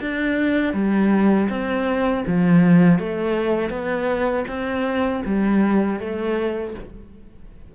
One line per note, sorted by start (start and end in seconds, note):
0.00 0.73 D4
0.73 1.48 G3
1.49 2.24 C4
2.27 2.99 F3
2.99 3.69 A3
3.69 4.44 B3
4.47 5.22 C4
5.25 5.99 G3
5.99 6.74 A3